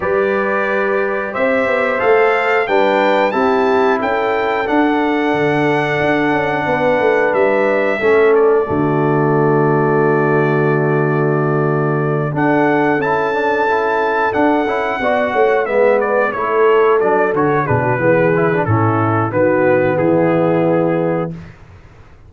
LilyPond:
<<
  \new Staff \with { instrumentName = "trumpet" } { \time 4/4 \tempo 4 = 90 d''2 e''4 f''4 | g''4 a''4 g''4 fis''4~ | fis''2. e''4~ | e''8 d''2.~ d''8~ |
d''2~ d''8 fis''4 a''8~ | a''4. fis''2 e''8 | d''8 cis''4 d''8 cis''8 b'4. | a'4 b'4 gis'2 | }
  \new Staff \with { instrumentName = "horn" } { \time 4/4 b'2 c''2 | b'4 g'4 a'2~ | a'2 b'2 | a'4 fis'2.~ |
fis'2~ fis'8 a'4.~ | a'2~ a'8 d''8 cis''8 b'8~ | b'8 a'2 gis'16 fis'16 gis'4 | e'4 fis'4 e'2 | }
  \new Staff \with { instrumentName = "trombone" } { \time 4/4 g'2. a'4 | d'4 e'2 d'4~ | d'1 | cis'4 a2.~ |
a2~ a8 d'4 e'8 | d'8 e'4 d'8 e'8 fis'4 b8~ | b8 e'4 d'8 fis'8 d'8 b8 e'16 d'16 | cis'4 b2. | }
  \new Staff \with { instrumentName = "tuba" } { \time 4/4 g2 c'8 b8 a4 | g4 c'4 cis'4 d'4 | d4 d'8 cis'8 b8 a8 g4 | a4 d2.~ |
d2~ d8 d'4 cis'8~ | cis'4. d'8 cis'8 b8 a8 gis8~ | gis8 a4 fis8 d8 b,8 e4 | a,4 dis4 e2 | }
>>